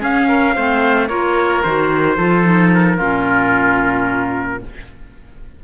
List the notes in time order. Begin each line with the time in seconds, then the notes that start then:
0.00 C#4 G#4 F5
0.29 A#4
0.56 A3 C4 C5
1.09 A#3 F4 A#4 C#5
1.63 D#3 F#4 C5
2.18 F3 F4 A4
2.44 D#4
2.75 A#4
2.98 A#2 C#4 F4